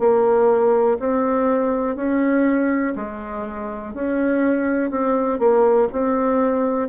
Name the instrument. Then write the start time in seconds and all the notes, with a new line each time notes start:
bassoon
0.00 A#3
1.00 C4
1.96 C#4
2.96 G#3
3.94 C#4
4.91 C4
5.40 A#3
5.93 C4